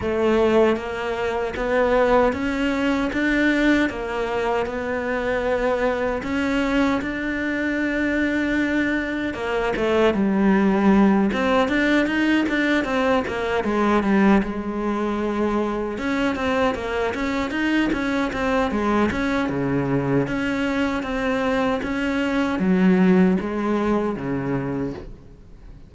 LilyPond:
\new Staff \with { instrumentName = "cello" } { \time 4/4 \tempo 4 = 77 a4 ais4 b4 cis'4 | d'4 ais4 b2 | cis'4 d'2. | ais8 a8 g4. c'8 d'8 dis'8 |
d'8 c'8 ais8 gis8 g8 gis4.~ | gis8 cis'8 c'8 ais8 cis'8 dis'8 cis'8 c'8 | gis8 cis'8 cis4 cis'4 c'4 | cis'4 fis4 gis4 cis4 | }